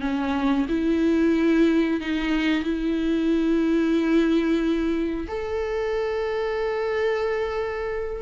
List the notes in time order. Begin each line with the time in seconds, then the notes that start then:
0.00 C#4
0.68 E4
2.00 D#4
2.63 E4
5.27 A4